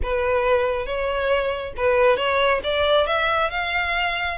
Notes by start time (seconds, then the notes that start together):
0.03 B4
0.86 C#5
1.76 B4
2.17 C#5
2.63 D5
3.07 E5
3.50 F5